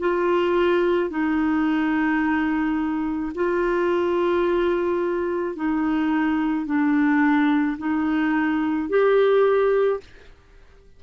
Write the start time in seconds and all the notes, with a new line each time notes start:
0.00 F4
1.11 D#4
3.35 F4
5.56 D#4
6.67 D4
7.79 D#4
8.89 G4